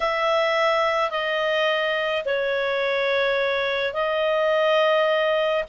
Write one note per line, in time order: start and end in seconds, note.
0.00 1.10 E5
1.10 2.23 D#5
2.25 3.93 C#5
3.93 5.63 D#5